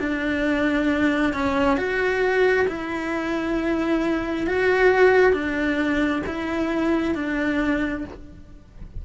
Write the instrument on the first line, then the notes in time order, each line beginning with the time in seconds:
cello
0.00 D4
1.34 C#4
1.77 F#4
2.68 E4
4.47 F#4
5.33 D4
6.26 E4
7.15 D4